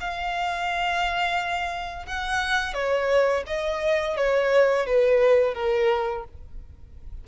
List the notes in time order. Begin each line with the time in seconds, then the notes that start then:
0.00 F5
2.06 F#5
2.74 C#5
3.47 D#5
4.16 C#5
4.86 B4
5.54 A#4